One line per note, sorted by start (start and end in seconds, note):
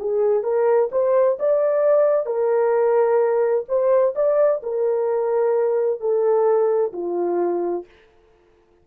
0.00 0.44 G#4
0.44 0.90 A#4
0.92 1.38 C5
1.40 2.27 D5
2.27 3.65 A#4
3.69 4.15 C5
4.15 4.62 D5
4.63 6.00 A#4
6.00 6.93 A4
6.93 7.85 F4